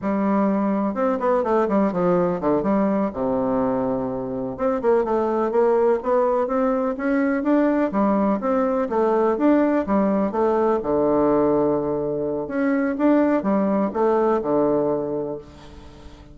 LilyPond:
\new Staff \with { instrumentName = "bassoon" } { \time 4/4 \tempo 4 = 125 g2 c'8 b8 a8 g8 | f4 d8 g4 c4.~ | c4. c'8 ais8 a4 ais8~ | ais8 b4 c'4 cis'4 d'8~ |
d'8 g4 c'4 a4 d'8~ | d'8 g4 a4 d4.~ | d2 cis'4 d'4 | g4 a4 d2 | }